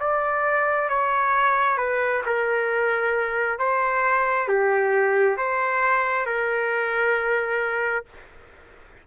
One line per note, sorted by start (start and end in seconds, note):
0.00 0.89 D5
0.89 1.77 C#5
1.77 2.22 B4
2.26 3.59 A#4
3.59 4.48 C5
4.48 5.37 G4
5.37 6.26 C5
6.26 8.05 A#4